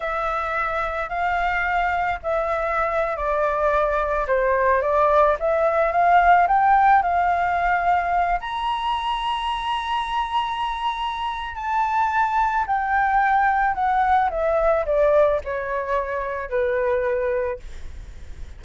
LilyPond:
\new Staff \with { instrumentName = "flute" } { \time 4/4 \tempo 4 = 109 e''2 f''2 | e''4.~ e''16 d''2 c''16~ | c''8. d''4 e''4 f''4 g''16~ | g''8. f''2~ f''8 ais''8.~ |
ais''1~ | ais''4 a''2 g''4~ | g''4 fis''4 e''4 d''4 | cis''2 b'2 | }